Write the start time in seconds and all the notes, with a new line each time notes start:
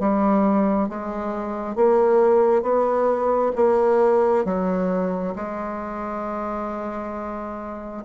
0.00 G3
0.89 G#3
1.76 A#3
2.63 B3
3.56 A#3
4.45 F#3
5.36 G#3